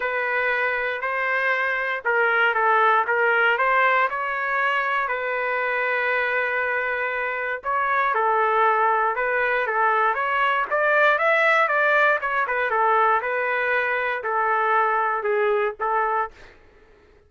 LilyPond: \new Staff \with { instrumentName = "trumpet" } { \time 4/4 \tempo 4 = 118 b'2 c''2 | ais'4 a'4 ais'4 c''4 | cis''2 b'2~ | b'2. cis''4 |
a'2 b'4 a'4 | cis''4 d''4 e''4 d''4 | cis''8 b'8 a'4 b'2 | a'2 gis'4 a'4 | }